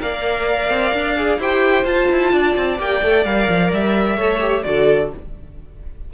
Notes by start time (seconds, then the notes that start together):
0.00 A#3 A#4 D5 F5
0.69 C4
0.93 D4
1.16 G#4
1.38 E4 G4 C5 G5
1.84 F4 A5
2.11 E4
2.32 D4 D5
2.56 C4
2.78 A#3 G4 G5
3.02 A3 A4
3.25 G3 A#4 F5
3.49 F3
3.73 G3 E5
4.16 A3 A4 C#5
4.40 G4
4.63 D3 F#4 A4 D5